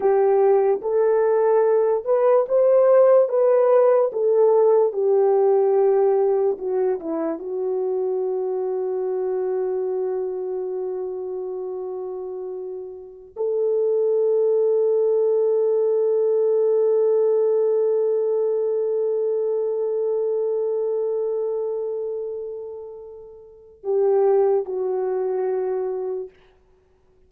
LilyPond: \new Staff \with { instrumentName = "horn" } { \time 4/4 \tempo 4 = 73 g'4 a'4. b'8 c''4 | b'4 a'4 g'2 | fis'8 e'8 fis'2.~ | fis'1~ |
fis'16 a'2.~ a'8.~ | a'1~ | a'1~ | a'4 g'4 fis'2 | }